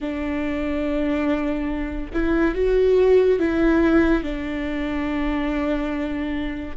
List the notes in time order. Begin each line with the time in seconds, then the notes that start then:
0.00 D4
2.13 E4
2.54 F#4
3.39 E4
4.23 D4